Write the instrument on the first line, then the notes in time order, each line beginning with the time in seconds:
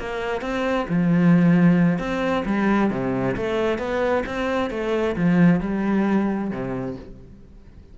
cello
0.00 A#3
0.41 C4
0.89 F3
1.99 C4
2.46 G3
2.91 C3
3.37 A3
3.79 B3
4.26 C4
4.71 A3
5.16 F3
5.61 G3
6.51 C3